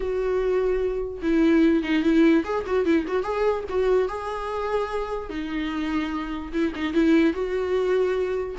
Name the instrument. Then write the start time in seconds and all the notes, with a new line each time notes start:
viola
0.00 F#4
1.22 E4
1.83 D#4
2.02 E4
2.44 G#4
2.66 F#4
2.85 E4
3.07 F#4
3.23 G#4
3.69 F#4
4.08 G#4
5.29 D#4
6.52 E4
6.75 D#4
6.93 E4
7.33 F#4